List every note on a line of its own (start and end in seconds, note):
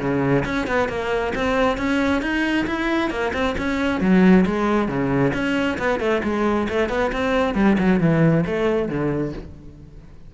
0.00 0.44 C#3
0.45 0.67 C#4
0.67 0.89 B3
0.89 1.34 A#3
1.36 1.78 C4
1.78 2.22 C#4
2.22 2.67 D#4
2.67 3.11 E4
3.11 3.33 A#3
3.34 3.56 C4
3.58 4.01 C#4
4.01 4.46 F#3
4.46 4.89 G#3
4.89 5.33 C#3
5.34 5.78 C#4
5.79 6.00 B3
6.00 6.22 A3
6.24 6.68 G#3
6.69 6.89 A3
6.89 7.12 B3
7.13 7.55 C4
7.55 7.77 G3
7.79 8.01 F#3
8.01 8.45 E3
8.47 8.89 A3
8.89 9.33 D3